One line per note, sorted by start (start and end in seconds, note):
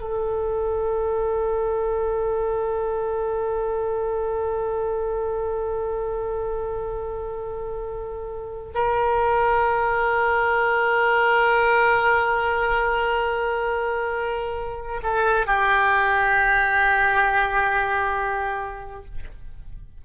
0.00 8.73 A4
8.74 15.01 A#4
15.02 15.46 A4
15.46 19.04 G4